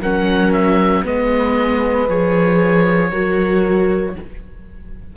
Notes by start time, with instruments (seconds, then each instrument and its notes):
0.00 cello F#3, viola C#4, horn A#4, oboe F#5
0.53 oboe E5
1.04 cello G#3, viola B3, horn B4, oboe D#5
2.08 cello F3, viola G#4, oboe C#5
3.12 cello F#3, viola F#4, horn A#4